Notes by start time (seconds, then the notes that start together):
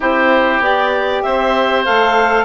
0.00 C4 E4 G4 C5
0.59 B3 G4 D5
1.22 C4 C5 E5
1.85 A3 A4 F5